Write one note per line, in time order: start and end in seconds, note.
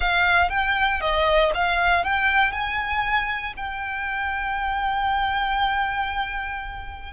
0.00 0.49 F5
0.49 1.00 G5
1.01 1.51 D#5
1.54 2.03 F5
2.03 2.52 G5
2.52 3.53 G#5
3.56 7.12 G5